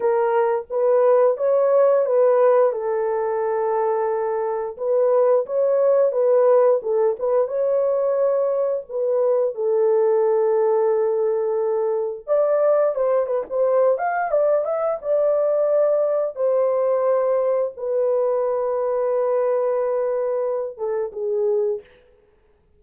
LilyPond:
\new Staff \with { instrumentName = "horn" } { \time 4/4 \tempo 4 = 88 ais'4 b'4 cis''4 b'4 | a'2. b'4 | cis''4 b'4 a'8 b'8 cis''4~ | cis''4 b'4 a'2~ |
a'2 d''4 c''8 b'16 c''16~ | c''8 f''8 d''8 e''8 d''2 | c''2 b'2~ | b'2~ b'8 a'8 gis'4 | }